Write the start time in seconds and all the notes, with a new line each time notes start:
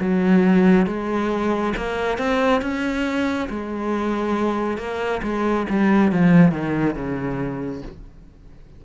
0.00 F#3
0.86 G#3
1.77 A#3
2.18 C4
2.62 C#4
3.49 G#3
4.78 A#3
5.23 G#3
5.70 G3
6.12 F3
6.52 D#3
6.95 C#3